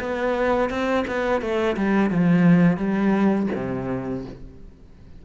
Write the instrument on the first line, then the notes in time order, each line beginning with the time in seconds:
cello
0.00 B3
0.70 C4
1.08 B3
1.42 A3
1.77 G3
2.11 F3
2.77 G3
3.55 C3